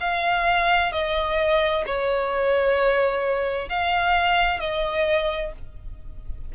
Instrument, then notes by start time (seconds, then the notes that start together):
violin
0.00 F5
0.92 D#5
1.86 C#5
3.69 F5
4.59 D#5